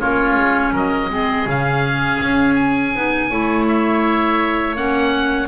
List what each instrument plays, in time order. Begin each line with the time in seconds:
0.00 double bass A#3, clarinet C#4, oboe F4 C#5
0.36 double bass G#3
0.72 double bass F#3, oboe A#4 D#5
1.09 double bass G#3, clarinet C4, oboe G#4
1.46 double bass C#3, clarinet C#4, oboe F5
2.23 double bass C#4
2.55 oboe G#5
2.95 double bass B3, clarinet D#4
3.30 double bass A3, clarinet E4, oboe C#5
3.69 oboe E5
4.75 double bass A#3, clarinet C#4, oboe F#5